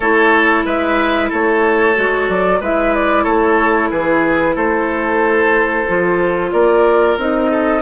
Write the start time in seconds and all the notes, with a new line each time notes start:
0.00 A3 E4 A4 C#5
0.65 G#3 B4 E5
1.29 A3 A4 C#5
1.95 G#3 F#4
2.28 F#3 D5
2.60 G#3 E4 B4 E5
2.94 D5
3.23 A3 A4 C#5
3.90 E3 G#4 B4
4.55 A3 A4 C5
5.88 F3 F4
6.51 A#3 A#4 D5
7.17 C4 D#4 D#5
7.50 A4